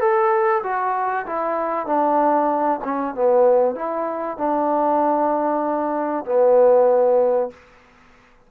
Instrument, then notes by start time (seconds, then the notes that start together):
trombone
0.00 A4
0.63 F#4
1.26 E4
1.86 D4
2.84 C#4
3.15 B3
3.75 E4
4.38 D4
6.25 B3